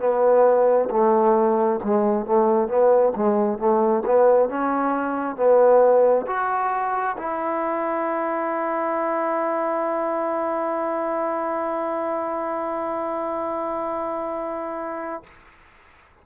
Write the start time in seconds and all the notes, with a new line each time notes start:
0.00 B3
0.91 A3
1.84 G#3
2.26 A3
2.69 B3
3.17 G#3
3.59 A3
4.06 B3
4.49 C#4
5.36 B3
6.27 F#4
7.18 E4